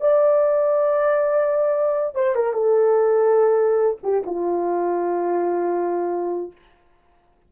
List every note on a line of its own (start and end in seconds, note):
0.00 2.15 D5
2.15 2.35 C5
2.35 2.53 A#4
2.53 3.97 A4
4.03 4.23 G4
4.25 6.51 F4